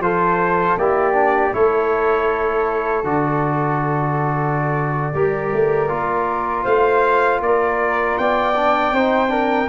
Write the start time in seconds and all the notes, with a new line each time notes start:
0.00 F3 F4 A4 C5
0.77 A#3 E4 G4 D5
1.13 D4
1.52 A3 E4 A4 C#5
3.04 D3 F#4 D5
5.14 G3 G4 A#4
5.53 A3
5.89 A#3 F4
6.64 A3 C5 F5
7.40 A#3 A#4 D5
8.18 B3 D5 G5
8.56 D4
8.92 C4 D#4 C5
9.28 D4 A#4